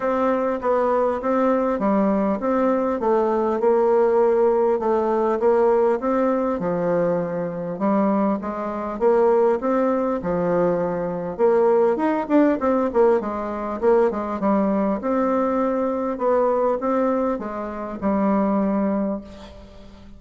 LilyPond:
\new Staff \with { instrumentName = "bassoon" } { \time 4/4 \tempo 4 = 100 c'4 b4 c'4 g4 | c'4 a4 ais2 | a4 ais4 c'4 f4~ | f4 g4 gis4 ais4 |
c'4 f2 ais4 | dis'8 d'8 c'8 ais8 gis4 ais8 gis8 | g4 c'2 b4 | c'4 gis4 g2 | }